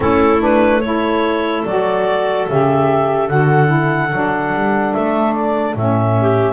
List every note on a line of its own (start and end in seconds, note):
0.00 1.63 A3
0.00 0.37 C#4
0.00 0.80 E4
0.00 0.42 A4
0.40 0.81 D4
0.40 0.80 B4
0.80 1.66 E4
0.80 6.15 A4
0.80 1.63 C#5
1.64 2.46 F#3
1.64 2.49 F#4
1.64 2.47 D5
2.48 3.30 C#3
2.48 3.28 G4
2.48 3.29 E5
3.28 4.12 D3
3.28 3.66 F#4
3.28 4.93 F#5
3.66 4.07 E4
4.12 4.53 F#3
4.12 5.77 D4
4.53 4.94 G3
4.93 5.75 A3
4.93 5.33 E5
5.33 5.74 D5
5.75 6.53 A2
5.75 6.53 C#4
5.75 6.53 E5
6.20 6.53 G4